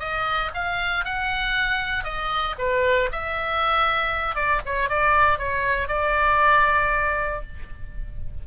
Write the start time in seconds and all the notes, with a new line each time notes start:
0.00 D#5
0.55 F5
1.05 F#5
2.05 D#5
2.59 B4
3.12 E5
4.36 D5
4.66 C#5
4.90 D5
5.39 C#5
5.89 D5